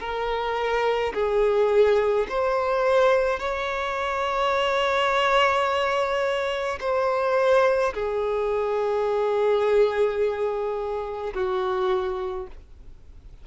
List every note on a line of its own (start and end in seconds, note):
0.00 1.13 A#4
1.14 2.27 G#4
2.30 3.40 C5
3.40 6.79 C#5
6.80 7.93 C5
7.94 11.34 G#4
11.34 12.47 F#4